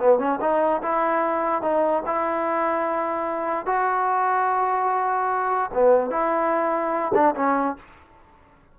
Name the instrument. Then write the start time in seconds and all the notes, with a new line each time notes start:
trombone
0.00 B3
0.19 C#4
0.41 D#4
0.83 E4
1.63 D#4
2.07 E4
3.67 F#4
5.74 B3
6.11 E4
7.15 D4
7.36 C#4